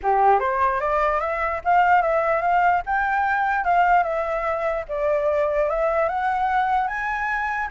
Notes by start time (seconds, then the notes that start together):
0.03 G4
0.39 C5
0.80 D5
1.20 E5
1.64 F5
2.02 E5
2.41 F5
2.86 G5
3.64 F5
4.03 E5
4.88 D5
5.69 E5
6.08 F#5
6.87 G#5